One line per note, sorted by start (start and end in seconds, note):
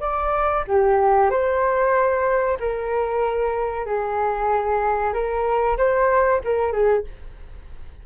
0.00 0.64 D5
0.67 1.30 G4
1.30 2.57 C5
2.59 3.85 A#4
3.85 5.13 G#4
5.13 5.77 A#4
5.77 6.41 C5
6.44 6.72 A#4
6.72 7.04 G#4